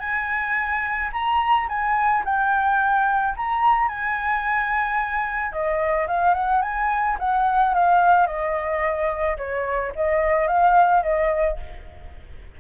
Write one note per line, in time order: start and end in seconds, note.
0.00 1.10 G#5
1.13 1.68 A#5
1.69 2.24 G#5
2.25 3.35 G5
3.37 3.88 A#5
3.88 5.52 G#5
5.52 6.07 D#5
6.08 6.34 F5
6.34 6.62 F#5
6.62 7.17 G#5
7.19 7.74 F#5
7.74 8.27 F5
8.27 9.37 D#5
9.38 9.93 C#5
9.95 10.48 D#5
10.48 11.03 F5
11.03 11.57 D#5